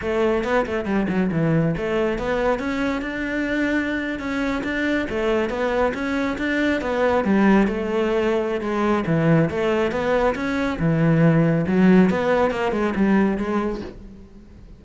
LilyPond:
\new Staff \with { instrumentName = "cello" } { \time 4/4 \tempo 4 = 139 a4 b8 a8 g8 fis8 e4 | a4 b4 cis'4 d'4~ | d'4.~ d'16 cis'4 d'4 a16~ | a8. b4 cis'4 d'4 b16~ |
b8. g4 a2~ a16 | gis4 e4 a4 b4 | cis'4 e2 fis4 | b4 ais8 gis8 g4 gis4 | }